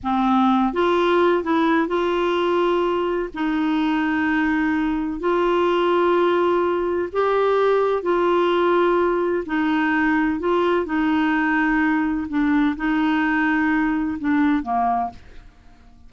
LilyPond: \new Staff \with { instrumentName = "clarinet" } { \time 4/4 \tempo 4 = 127 c'4. f'4. e'4 | f'2. dis'4~ | dis'2. f'4~ | f'2. g'4~ |
g'4 f'2. | dis'2 f'4 dis'4~ | dis'2 d'4 dis'4~ | dis'2 d'4 ais4 | }